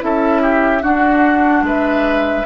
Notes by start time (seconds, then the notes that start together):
0.00 C#4 E4 A4 E5
0.42 G4
0.82 D4 F#4 F#5
1.62 G#3 B4 E5